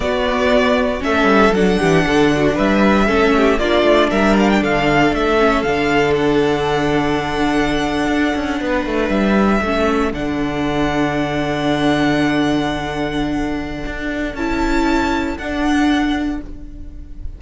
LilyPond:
<<
  \new Staff \with { instrumentName = "violin" } { \time 4/4 \tempo 4 = 117 d''2 e''4 fis''4~ | fis''4 e''2 d''4 | e''8 f''16 g''16 f''4 e''4 f''4 | fis''1~ |
fis''4.~ fis''16 e''2 fis''16~ | fis''1~ | fis''1 | a''2 fis''2 | }
  \new Staff \with { instrumentName = "violin" } { \time 4/4 fis'2 a'4. g'8 | a'8 fis'8 b'4 a'8 g'8 f'4 | ais'4 a'2.~ | a'1~ |
a'8. b'2 a'4~ a'16~ | a'1~ | a'1~ | a'1 | }
  \new Staff \with { instrumentName = "viola" } { \time 4/4 b2 cis'4 d'4~ | d'2 cis'4 d'4~ | d'2~ d'8 cis'8 d'4~ | d'1~ |
d'2~ d'8. cis'4 d'16~ | d'1~ | d'1 | e'2 d'2 | }
  \new Staff \with { instrumentName = "cello" } { \time 4/4 b2 a8 g8 fis8 e8 | d4 g4 a4 ais8 a8 | g4 d4 a4 d4~ | d2.~ d8. d'16~ |
d'16 cis'8 b8 a8 g4 a4 d16~ | d1~ | d2. d'4 | cis'2 d'2 | }
>>